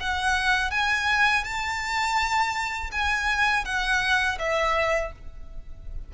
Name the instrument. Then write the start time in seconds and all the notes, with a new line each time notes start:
violin
0.00 F#5
0.71 G#5
1.44 A5
2.92 G#5
3.65 F#5
4.39 E5